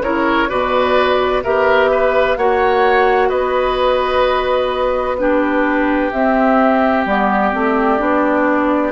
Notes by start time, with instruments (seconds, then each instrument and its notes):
0.00 bassoon C#3, clarinet E4, oboe A#4, flute C#5
0.48 bassoon B2, clarinet F#4, oboe B4, flute D5
1.43 bassoon B3, clarinet G4, oboe A#4, flute E5
1.91 oboe B4
2.37 bassoon A#3, clarinet F#4, oboe C#5, flute F#5
3.29 bassoon B3, oboe B4, flute D#5
5.17 clarinet D4, oboe G4, flute B4
6.11 bassoon C4, clarinet C4, flute E5
7.05 bassoon G3, clarinet B3, flute D5
7.52 bassoon A3, clarinet C4
7.98 bassoon B3, clarinet D4